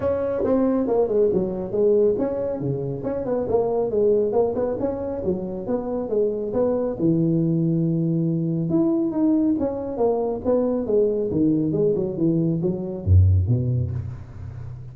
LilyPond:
\new Staff \with { instrumentName = "tuba" } { \time 4/4 \tempo 4 = 138 cis'4 c'4 ais8 gis8 fis4 | gis4 cis'4 cis4 cis'8 b8 | ais4 gis4 ais8 b8 cis'4 | fis4 b4 gis4 b4 |
e1 | e'4 dis'4 cis'4 ais4 | b4 gis4 dis4 gis8 fis8 | e4 fis4 fis,4 b,4 | }